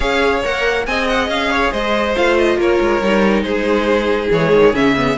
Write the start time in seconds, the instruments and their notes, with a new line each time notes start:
0.00 cello C#4, viola G#4, violin C#5 F5
0.43 cello A#3, viola A#4, violin F#5
0.86 cello C4, viola G#4, violin D#5 G#5
1.07 violin F#5
1.28 cello C#4, violin F5
1.51 violin C#5
1.71 cello G#3, violin C5 D#5
2.15 cello A3, viola F4, violin F5
2.37 violin D#5
2.57 cello A#3, violin A#4 C#5
2.80 cello G#3
3.01 cello G3, viola D#4
3.42 cello G#3, violin G#4 C5
4.31 cello E3, viola G#3, violin C#5
4.52 cello D#3
4.73 cello C#3, viola C#4, violin E5
4.96 viola B3